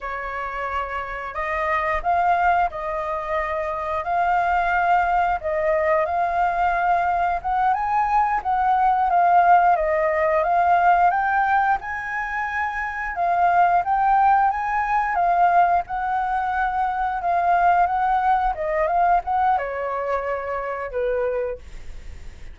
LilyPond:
\new Staff \with { instrumentName = "flute" } { \time 4/4 \tempo 4 = 89 cis''2 dis''4 f''4 | dis''2 f''2 | dis''4 f''2 fis''8 gis''8~ | gis''8 fis''4 f''4 dis''4 f''8~ |
f''8 g''4 gis''2 f''8~ | f''8 g''4 gis''4 f''4 fis''8~ | fis''4. f''4 fis''4 dis''8 | f''8 fis''8 cis''2 b'4 | }